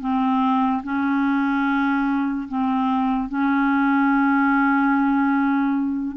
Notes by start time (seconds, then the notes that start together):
0.00 C4
0.83 C#4
2.48 C4
3.28 C#4